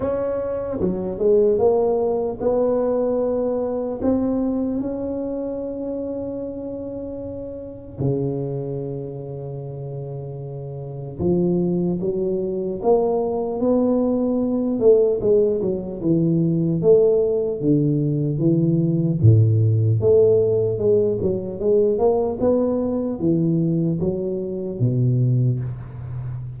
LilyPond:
\new Staff \with { instrumentName = "tuba" } { \time 4/4 \tempo 4 = 75 cis'4 fis8 gis8 ais4 b4~ | b4 c'4 cis'2~ | cis'2 cis2~ | cis2 f4 fis4 |
ais4 b4. a8 gis8 fis8 | e4 a4 d4 e4 | a,4 a4 gis8 fis8 gis8 ais8 | b4 e4 fis4 b,4 | }